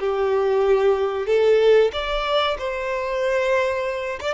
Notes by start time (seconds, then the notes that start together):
0.00 G4
1.27 A4
1.93 D5
2.58 C5
4.20 D5